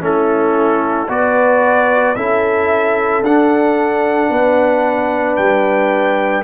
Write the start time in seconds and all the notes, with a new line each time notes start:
0.00 A3 C#4 E4 A4
1.08 B3 F#4 B4 D5
2.15 C#4 E4 A4 E5
3.21 D4 F#5
4.29 B3 B4
5.36 G3 G5